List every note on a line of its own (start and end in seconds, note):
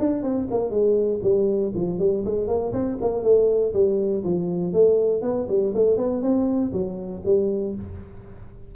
0.00 0.23 D4
0.23 0.48 C4
0.51 0.70 A#3
0.70 1.20 G#3
1.23 1.73 G3
1.75 2.00 F3
2.00 2.25 G3
2.25 2.48 G#3
2.48 2.73 A#3
2.73 2.98 C4
3.01 3.24 A#3
3.24 3.74 A3
3.74 4.24 G3
4.24 4.74 F3
4.74 5.22 A3
5.22 5.47 B3
5.49 5.74 G3
5.75 5.97 A3
5.97 6.22 B3
6.23 6.73 C4
6.73 7.23 F#3
7.25 7.75 G3